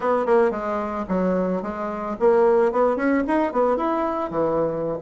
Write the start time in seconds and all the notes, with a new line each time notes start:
0.00 B3
0.26 A#3
0.51 G#3
1.08 F#3
1.62 G#3
2.19 A#3
2.71 B3
2.96 C#4
3.27 D#4
3.52 B3
3.77 E4
4.30 E3